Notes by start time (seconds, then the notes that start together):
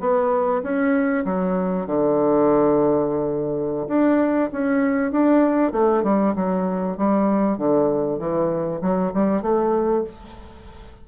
0.00 B3
0.62 C#4
1.25 F#3
1.86 D3
3.88 D4
4.52 C#4
5.11 D4
5.72 A3
6.03 G3
6.35 F#3
6.97 G3
7.57 D3
8.19 E3
8.81 F#3
9.14 G3
9.42 A3